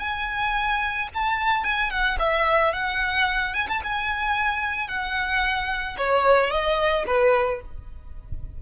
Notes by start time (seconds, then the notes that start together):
0.00 G#5
1.14 A5
1.64 G#5
1.91 F#5
2.19 E5
2.73 F#5
3.54 G#5
3.68 A5
3.84 G#5
4.88 F#5
5.98 C#5
6.51 D#5
7.07 B4